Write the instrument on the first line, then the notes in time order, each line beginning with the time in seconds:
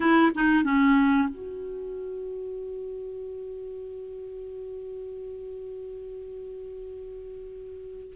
clarinet
0.00 E4
0.34 D#4
0.63 C#4
1.28 F#4